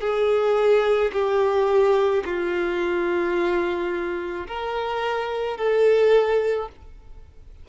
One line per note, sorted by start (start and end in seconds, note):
0.00 1.11 G#4
1.12 2.23 G4
2.25 4.47 F4
4.47 5.57 A#4
5.57 6.68 A4